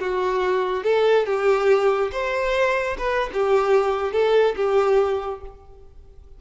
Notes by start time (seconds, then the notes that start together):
0.00 F#4
0.84 A4
1.26 G4
2.12 C5
2.98 B4
3.33 G4
4.13 A4
4.56 G4